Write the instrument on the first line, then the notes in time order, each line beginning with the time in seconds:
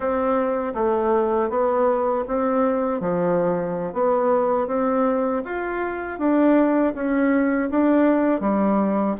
bassoon
0.00 C4
0.74 A3
1.49 B3
2.27 C4
3.00 F3
3.93 B3
4.67 C4
5.44 F4
6.18 D4
6.94 C#4
7.70 D4
8.40 G3